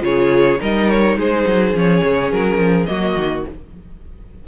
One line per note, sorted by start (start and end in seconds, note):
0.00 0.59 C#3
0.00 0.57 F4
0.00 0.60 G#4
0.00 0.61 C#5
0.60 1.16 G3
0.60 1.74 D#4
0.60 1.17 A#4
0.60 0.89 D#5
0.89 1.18 C#5
1.16 1.45 G#3
1.16 2.90 G#4
1.16 1.76 C5
1.46 1.74 F#3
1.74 2.02 F3
1.74 2.87 C#4
1.74 2.32 C#5
2.03 2.32 C#3
2.32 2.57 F#3
2.32 2.85 A#4
2.57 2.86 F3
2.85 3.16 F#3
2.85 3.44 A#3
2.85 3.47 F#4
2.85 3.43 D#5
3.16 3.44 D#3